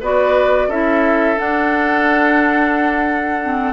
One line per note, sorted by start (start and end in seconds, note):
0.00 0.67 B3
0.00 0.70 F#4
0.00 0.68 B4
0.00 0.70 D5
0.67 1.36 C#4
0.67 1.36 E4
0.67 3.73 A4
0.67 1.38 E5
1.36 3.40 D4
1.36 3.73 D4
1.36 3.73 F#5
3.43 3.73 C4